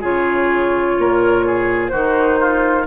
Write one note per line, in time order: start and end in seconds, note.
0.00 0.97 C#3
0.00 1.91 F4
0.00 0.95 G#4
0.00 1.88 C#5
0.97 1.92 A#2
0.97 1.45 A#4
1.45 1.91 G#4
1.88 2.87 D#3
1.88 2.87 D#4
1.88 2.38 F#4
1.88 2.83 C5
2.40 2.87 F4